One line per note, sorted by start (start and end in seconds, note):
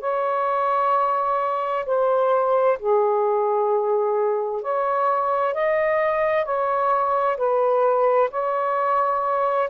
0.00 1.85 C#5
1.85 2.78 C5
2.79 4.62 G#4
4.62 5.54 C#5
5.54 6.44 D#5
6.44 7.37 C#5
7.37 8.29 B4
8.30 9.69 C#5